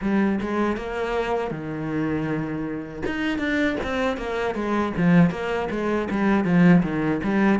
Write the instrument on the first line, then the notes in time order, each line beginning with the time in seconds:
cello
0.01 G3
0.40 G#3
0.77 A#3
1.50 D#3
3.06 D#4
3.38 D4
3.83 C4
4.17 A#3
4.54 G#3
4.96 F3
5.30 A#3
5.70 G#3
6.10 G3
6.44 F3
6.83 D#3
7.23 G3